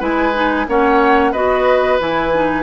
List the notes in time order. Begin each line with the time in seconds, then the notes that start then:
0.00 G#3 E4 B4 G#5
0.34 D#4
0.68 A#3 C#4 C#5 F#5
1.32 B3 F#4 B4 D#5
2.00 E3 E4 G#5
2.34 D#4